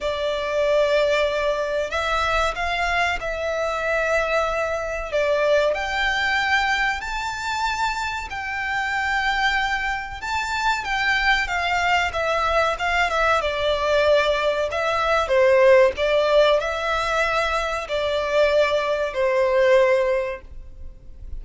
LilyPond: \new Staff \with { instrumentName = "violin" } { \time 4/4 \tempo 4 = 94 d''2. e''4 | f''4 e''2. | d''4 g''2 a''4~ | a''4 g''2. |
a''4 g''4 f''4 e''4 | f''8 e''8 d''2 e''4 | c''4 d''4 e''2 | d''2 c''2 | }